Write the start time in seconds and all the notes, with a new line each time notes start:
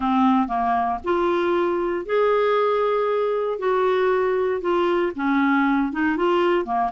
0.00 C4
0.47 A#3
1.03 F4
2.05 G#4
3.58 F#4
4.61 F4
5.15 C#4
5.92 D#4
6.16 F4
6.65 A#3